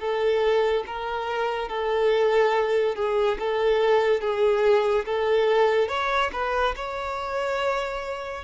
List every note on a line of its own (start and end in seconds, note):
0.00 0.85 A4
0.87 1.69 A#4
1.69 2.96 A4
2.96 3.38 G#4
3.40 4.21 A4
4.21 5.06 G#4
5.06 5.89 A4
5.89 6.31 C#5
6.33 6.75 B4
6.76 8.45 C#5